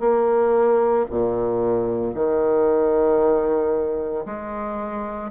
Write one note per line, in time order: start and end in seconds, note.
0.00 1.05 A#3
1.11 2.15 A#2
2.15 4.25 D#3
4.26 5.31 G#3